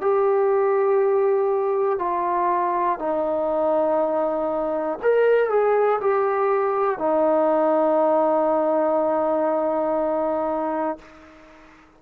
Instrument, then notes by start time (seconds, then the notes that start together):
trombone
0.00 G4
1.99 F4
2.99 D#4
5.02 A#4
5.50 G#4
6.00 G4
6.98 D#4